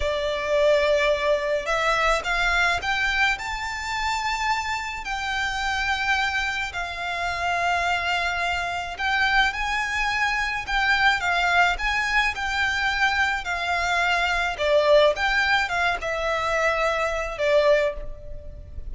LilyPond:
\new Staff \with { instrumentName = "violin" } { \time 4/4 \tempo 4 = 107 d''2. e''4 | f''4 g''4 a''2~ | a''4 g''2. | f''1 |
g''4 gis''2 g''4 | f''4 gis''4 g''2 | f''2 d''4 g''4 | f''8 e''2~ e''8 d''4 | }